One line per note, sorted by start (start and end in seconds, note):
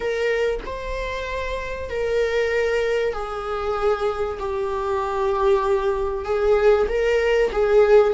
0.00 0.60 A#4
0.65 1.89 C5
1.89 3.13 A#4
3.13 4.38 G#4
4.39 6.24 G4
6.24 6.87 G#4
6.88 7.51 A#4
7.51 8.13 G#4